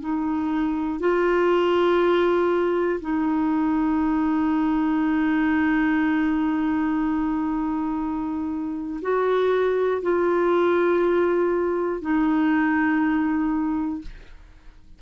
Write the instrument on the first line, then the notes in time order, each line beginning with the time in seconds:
clarinet
0.00 D#4
1.00 F4
3.01 D#4
9.02 F#4
10.02 F4
12.02 D#4